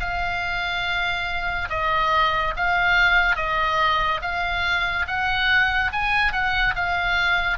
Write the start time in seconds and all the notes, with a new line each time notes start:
0.00 F5
1.70 D#5
2.57 F5
3.36 D#5
4.22 F5
5.07 F#5
5.93 G#5
6.32 F#5
6.76 F5